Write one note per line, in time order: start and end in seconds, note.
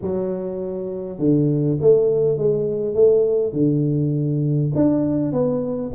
0.01 1.18 F#3
1.18 1.78 D3
1.80 2.37 A3
2.37 2.94 G#3
2.94 3.53 A3
3.53 4.71 D3
4.75 5.32 D4
5.32 5.91 B3